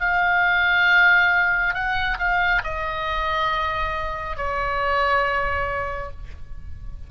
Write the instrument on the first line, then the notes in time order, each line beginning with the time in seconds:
oboe
0.00 F5
1.74 F#5
2.19 F5
2.64 D#5
4.37 C#5